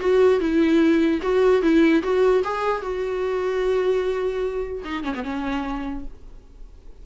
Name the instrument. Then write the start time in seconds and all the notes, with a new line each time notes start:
viola
0.00 F#4
0.40 E4
1.22 F#4
1.62 E4
2.03 F#4
2.44 G#4
2.82 F#4
4.85 D#4
5.04 C#4
5.15 B3
5.24 C#4